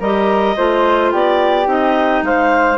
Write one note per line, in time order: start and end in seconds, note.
0.00 0.56 G3
0.00 0.57 G4
0.00 0.56 A#4
0.00 1.13 D#5
0.57 1.13 A3
0.57 1.66 F4
0.57 1.12 C5
1.12 1.67 B3
1.12 2.24 G4
1.12 1.70 D5
1.66 2.22 C4
1.66 2.77 D#4
1.66 2.25 D#5
2.22 2.78 G#3
2.22 2.78 C5
2.22 2.78 F5